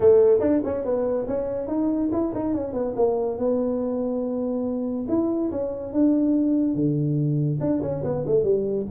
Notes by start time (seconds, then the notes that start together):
0.00 A3
0.40 D4
0.64 C#4
0.84 B3
1.27 C#4
1.67 D#4
2.12 E4
2.34 D#4
2.54 C#4
2.73 B3
2.96 A#3
3.37 B3
5.08 E4
5.51 C#4
5.93 D4
6.75 D3
7.60 D4
7.82 C#4
8.03 B3
8.26 A3
8.44 G3